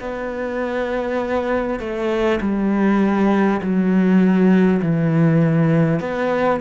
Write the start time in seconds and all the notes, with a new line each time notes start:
0.00 B3
1.80 A3
2.41 G3
3.62 F#3
4.82 E3
6.00 B3